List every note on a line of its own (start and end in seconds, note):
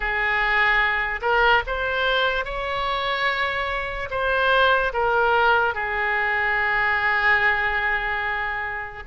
0.00 1.20 G#4
1.21 1.62 A#4
1.67 2.44 C5
2.44 4.09 C#5
4.10 4.92 C5
4.93 5.74 A#4
5.74 9.03 G#4